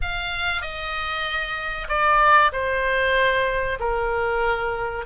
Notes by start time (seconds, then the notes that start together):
0.01 F5
0.61 D#5
1.88 D5
2.52 C5
3.79 A#4